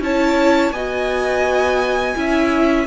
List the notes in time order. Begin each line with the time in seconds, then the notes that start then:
0.00 C#4 E4 C#5 A5
0.72 B3 F#4 D#5 G#5
2.15 C#4 E4 E5